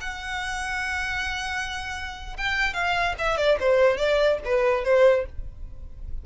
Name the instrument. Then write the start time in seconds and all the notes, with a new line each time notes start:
violin
0.00 F#5
2.37 G5
2.73 F5
3.18 E5
3.37 D5
3.59 C5
3.97 D5
4.44 B4
4.84 C5